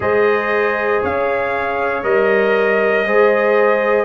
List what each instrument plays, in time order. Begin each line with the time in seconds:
0.00 tuba G#3, trombone G#4, horn C5, trumpet D#5
1.02 tuba C#4, horn C#5, trumpet F5
2.03 tuba G3, trombone A#4, trumpet D#5
3.05 tuba G#3, trombone G#4, horn C5